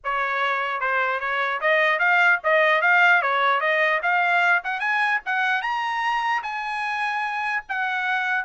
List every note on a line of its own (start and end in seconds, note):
0.03 0.80 C#5
0.80 1.20 C5
1.20 1.60 C#5
1.60 1.99 D#5
1.99 2.39 F5
2.43 2.81 D#5
2.81 3.22 F5
3.22 3.60 C#5
3.60 4.00 D#5
4.02 4.63 F5
4.64 4.80 F#5
4.80 5.20 G#5
5.25 5.62 F#5
5.62 6.42 A#5
6.42 7.63 G#5
7.69 8.44 F#5